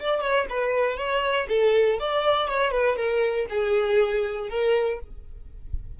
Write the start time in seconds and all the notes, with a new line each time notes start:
0.00 D5
0.21 C#5
0.50 B4
0.97 C#5
1.49 A4
2.00 D5
2.48 C#5
2.71 B4
2.97 A#4
3.50 G#4
4.50 A#4